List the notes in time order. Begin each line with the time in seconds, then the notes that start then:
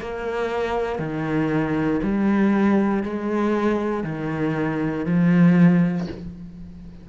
0.00 A#3
0.98 D#3
2.02 G3
3.03 G#3
4.04 D#3
5.05 F3